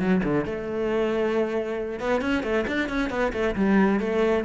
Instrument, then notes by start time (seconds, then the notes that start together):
cello
0.00 F#3
0.24 D3
0.46 A3
2.00 B3
2.22 C#4
2.43 A3
2.67 D4
2.89 C#4
3.10 B3
3.33 A3
3.56 G3
4.00 A3